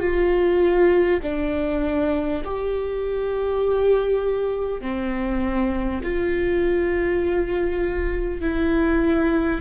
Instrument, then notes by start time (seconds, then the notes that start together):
viola
0.00 F4
1.23 D4
2.44 G4
4.82 C4
6.04 F4
8.42 E4